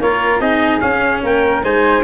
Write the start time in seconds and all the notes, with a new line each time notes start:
0.00 A#3 F4 A#4 C#5
0.40 C4 D#4 G#4 D#5
0.81 C#4 F5
1.23 A#3 A#4 G5
1.63 G#3 D#4 C5 G#5